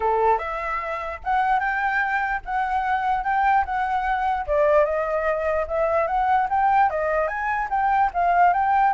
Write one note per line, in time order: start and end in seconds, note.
0.00 0.38 A4
0.38 1.19 E5
1.23 1.59 F#5
1.59 2.40 G5
2.45 3.23 F#5
3.23 3.64 G5
3.65 4.46 F#5
4.46 4.84 D5
4.84 5.66 D#5
5.67 6.07 E5
6.07 6.48 F#5
6.49 6.89 G5
6.89 7.27 D#5
7.27 7.68 G#5
7.70 8.10 G5
8.13 8.53 F5
8.53 8.93 G5